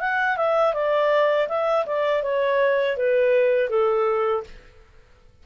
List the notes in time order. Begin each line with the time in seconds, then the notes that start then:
0.00 F#5
0.37 E5
0.73 D5
1.48 E5
1.86 D5
2.22 C#5
2.97 B4
3.69 A4